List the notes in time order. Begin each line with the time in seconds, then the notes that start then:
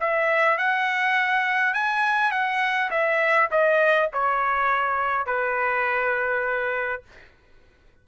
0.00 E5
0.58 F#5
1.74 G#5
2.31 F#5
2.91 E5
3.51 D#5
4.13 C#5
5.26 B4